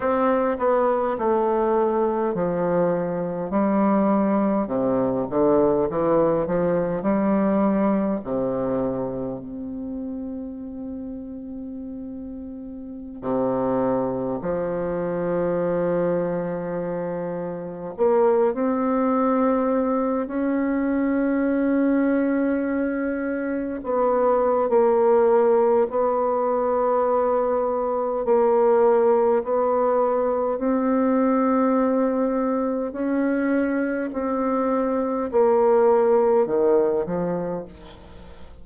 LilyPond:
\new Staff \with { instrumentName = "bassoon" } { \time 4/4 \tempo 4 = 51 c'8 b8 a4 f4 g4 | c8 d8 e8 f8 g4 c4 | c'2.~ c'16 c8.~ | c16 f2. ais8 c'16~ |
c'4~ c'16 cis'2~ cis'8.~ | cis'16 b8. ais4 b2 | ais4 b4 c'2 | cis'4 c'4 ais4 dis8 f8 | }